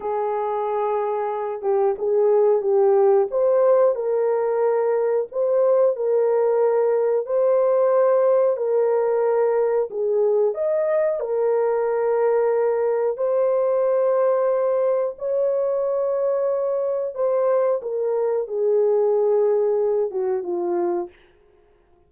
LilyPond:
\new Staff \with { instrumentName = "horn" } { \time 4/4 \tempo 4 = 91 gis'2~ gis'8 g'8 gis'4 | g'4 c''4 ais'2 | c''4 ais'2 c''4~ | c''4 ais'2 gis'4 |
dis''4 ais'2. | c''2. cis''4~ | cis''2 c''4 ais'4 | gis'2~ gis'8 fis'8 f'4 | }